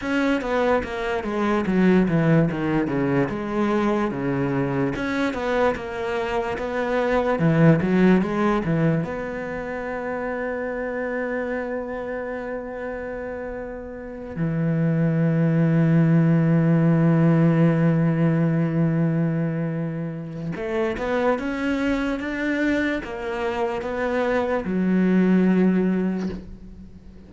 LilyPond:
\new Staff \with { instrumentName = "cello" } { \time 4/4 \tempo 4 = 73 cis'8 b8 ais8 gis8 fis8 e8 dis8 cis8 | gis4 cis4 cis'8 b8 ais4 | b4 e8 fis8 gis8 e8 b4~ | b1~ |
b4. e2~ e8~ | e1~ | e4 a8 b8 cis'4 d'4 | ais4 b4 fis2 | }